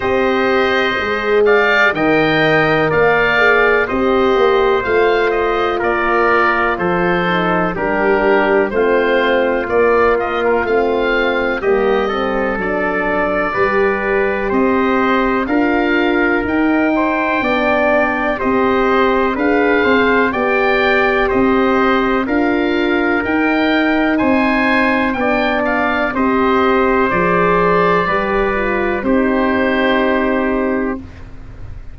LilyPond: <<
  \new Staff \with { instrumentName = "oboe" } { \time 4/4 \tempo 4 = 62 dis''4. f''8 g''4 f''4 | dis''4 f''8 dis''8 d''4 c''4 | ais'4 c''4 d''8 dis''16 ais'16 f''4 | dis''4 d''2 dis''4 |
f''4 g''2 dis''4 | f''4 g''4 dis''4 f''4 | g''4 gis''4 g''8 f''8 dis''4 | d''2 c''2 | }
  \new Staff \with { instrumentName = "trumpet" } { \time 4/4 c''4. d''8 dis''4 d''4 | c''2 ais'4 a'4 | g'4 f'2. | g'8 a'4. b'4 c''4 |
ais'4. c''8 d''4 c''4 | b'8 c''8 d''4 c''4 ais'4~ | ais'4 c''4 d''4 c''4~ | c''4 b'4 g'2 | }
  \new Staff \with { instrumentName = "horn" } { \time 4/4 g'4 gis'4 ais'4. gis'8 | g'4 f'2~ f'8 dis'8 | d'4 c'4 ais4 c'4 | ais8 c'8 d'4 g'2 |
f'4 dis'4 d'4 g'4 | gis'4 g'2 f'4 | dis'2 d'4 g'4 | gis'4 g'8 f'8 dis'2 | }
  \new Staff \with { instrumentName = "tuba" } { \time 4/4 c'4 gis4 dis4 ais4 | c'8 ais8 a4 ais4 f4 | g4 a4 ais4 a4 | g4 fis4 g4 c'4 |
d'4 dis'4 b4 c'4 | d'8 c'8 b4 c'4 d'4 | dis'4 c'4 b4 c'4 | f4 g4 c'2 | }
>>